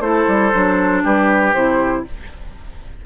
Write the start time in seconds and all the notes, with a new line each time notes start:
0.00 A3 E4 A4 C5
0.27 G3
0.53 F#3 D4
1.04 G3 G4 B4
1.54 C3 E4 C5